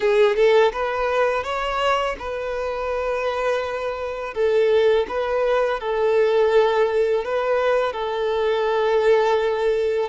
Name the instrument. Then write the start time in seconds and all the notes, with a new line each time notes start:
violin
0.00 G#4
0.35 A4
0.72 B4
1.43 C#5
2.19 B4
4.34 A4
5.08 B4
5.80 A4
7.24 B4
7.93 A4